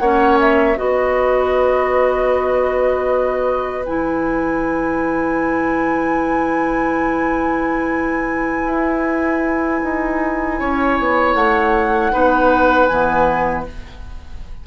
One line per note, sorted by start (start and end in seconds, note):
0.00 0.77 A#3
0.00 0.77 C#4
0.00 0.78 C#5
0.00 0.38 F#5
0.41 0.78 E5
0.77 3.87 B3
0.77 3.84 F#4
0.77 10.59 B4
0.77 3.86 D#5
3.86 8.66 E3
3.86 12.12 E4
3.86 11.35 G#5
8.66 9.81 E4
9.84 10.61 D#4
10.60 11.00 C#4
10.60 12.13 C#5
11.00 11.35 B3
11.35 12.12 A3
11.35 12.87 F#5
12.12 12.90 B3
12.12 12.89 D#4
12.12 13.67 B4
12.87 13.67 E3
12.87 13.67 B3
12.87 13.64 G#5